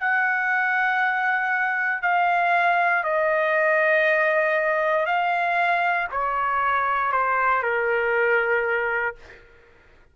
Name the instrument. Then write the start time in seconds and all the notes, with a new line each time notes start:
trumpet
0.00 F#5
2.02 F5
3.04 D#5
5.06 F5
6.12 C#5
7.12 C5
7.63 A#4